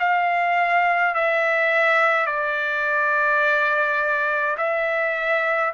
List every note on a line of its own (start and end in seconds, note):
0.00 1.15 F5
1.15 2.27 E5
2.27 4.57 D5
4.58 5.73 E5